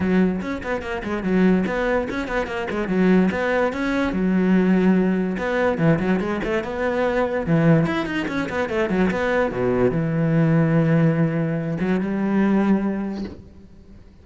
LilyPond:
\new Staff \with { instrumentName = "cello" } { \time 4/4 \tempo 4 = 145 fis4 cis'8 b8 ais8 gis8 fis4 | b4 cis'8 b8 ais8 gis8 fis4 | b4 cis'4 fis2~ | fis4 b4 e8 fis8 gis8 a8 |
b2 e4 e'8 dis'8 | cis'8 b8 a8 fis8 b4 b,4 | e1~ | e8 fis8 g2. | }